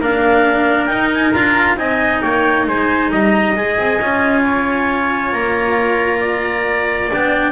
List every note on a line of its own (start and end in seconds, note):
0.00 0.88 A#3
0.00 0.90 D4
0.00 1.78 A#4
0.00 0.86 F5
0.86 1.32 D#4
0.86 1.34 D#4
0.86 1.08 G5
1.14 1.31 G#5
1.31 1.77 D4
1.31 1.77 F4
1.31 1.75 A#5
1.77 2.21 C4
1.77 3.55 D#4
1.77 2.22 D#5
1.77 2.21 G#5
2.21 2.67 A#3
2.21 2.67 C#5
2.21 2.65 G5
2.67 3.12 G#3
2.67 3.11 C5
2.67 3.11 G#5
3.11 3.57 G3
3.11 4.44 D#5
3.11 3.56 A#5
3.56 3.77 G#3
3.56 4.00 G#4
3.56 5.32 G#5
3.77 4.00 C4
4.01 5.33 C#4
4.01 7.11 F4
4.44 6.20 C#5
5.32 7.10 A#3
5.32 7.10 A#5
6.20 7.52 D5
7.11 7.52 B3
7.11 7.52 D4
7.11 7.52 G5